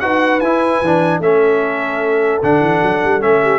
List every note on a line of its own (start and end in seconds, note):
0.00 0.41 D#4
0.00 0.41 F#4
0.00 1.22 B4
0.00 0.40 F#5
0.40 0.81 E4
0.40 0.84 E4
0.40 1.20 G#5
0.82 1.19 E3
0.82 1.23 D4
1.19 2.39 A3
1.19 2.43 C#4
1.19 3.42 A4
1.19 2.42 E5
2.43 2.60 D3
2.43 3.21 D4
2.43 3.22 F#5
2.60 2.81 E3
2.83 3.03 F#3
3.04 3.23 G3
3.21 3.59 A3
3.21 3.59 C#4
3.21 3.59 E5
3.42 3.59 G4